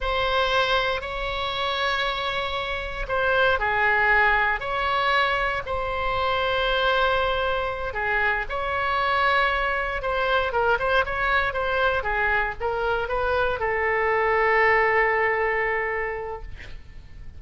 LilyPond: \new Staff \with { instrumentName = "oboe" } { \time 4/4 \tempo 4 = 117 c''2 cis''2~ | cis''2 c''4 gis'4~ | gis'4 cis''2 c''4~ | c''2.~ c''8 gis'8~ |
gis'8 cis''2. c''8~ | c''8 ais'8 c''8 cis''4 c''4 gis'8~ | gis'8 ais'4 b'4 a'4.~ | a'1 | }